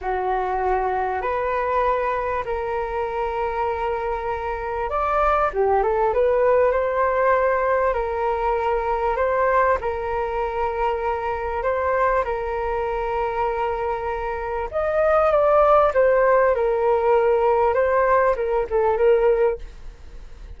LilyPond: \new Staff \with { instrumentName = "flute" } { \time 4/4 \tempo 4 = 98 fis'2 b'2 | ais'1 | d''4 g'8 a'8 b'4 c''4~ | c''4 ais'2 c''4 |
ais'2. c''4 | ais'1 | dis''4 d''4 c''4 ais'4~ | ais'4 c''4 ais'8 a'8 ais'4 | }